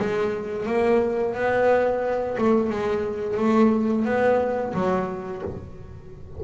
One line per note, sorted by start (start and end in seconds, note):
0.00 0.67 G#3
0.67 1.35 A#3
1.35 2.37 B3
2.38 2.70 A3
2.70 3.37 G#3
3.37 4.05 A3
4.05 4.74 B3
4.74 5.42 F#3